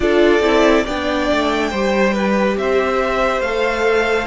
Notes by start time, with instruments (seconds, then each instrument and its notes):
0.00 cello D4, viola F4, violin A4 D5
0.39 cello C4, viola E4
0.83 cello B3, viola D4, violin D5 G5
1.31 cello A3
1.70 cello G3, viola G4, violin C5
2.13 violin B4
2.56 cello C4, violin C5 E5
3.40 cello A3, viola A4, violin F5